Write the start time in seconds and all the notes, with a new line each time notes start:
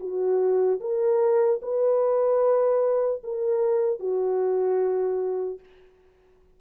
0.00 F#4
0.80 A#4
1.62 B4
3.24 A#4
3.99 F#4